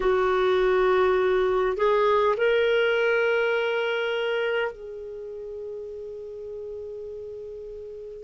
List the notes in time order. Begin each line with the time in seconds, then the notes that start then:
0.00 F#4
1.76 G#4
2.36 A#4
4.71 G#4